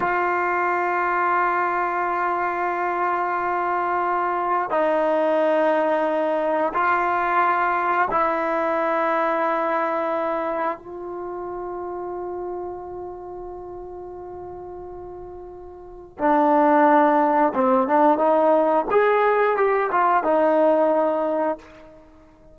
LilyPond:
\new Staff \with { instrumentName = "trombone" } { \time 4/4 \tempo 4 = 89 f'1~ | f'2. dis'4~ | dis'2 f'2 | e'1 |
f'1~ | f'1 | d'2 c'8 d'8 dis'4 | gis'4 g'8 f'8 dis'2 | }